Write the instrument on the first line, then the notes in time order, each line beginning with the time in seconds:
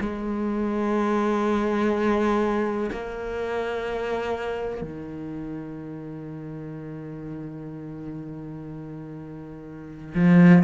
cello
0.00 G#3
2.91 A#3
4.81 D#3
10.14 F3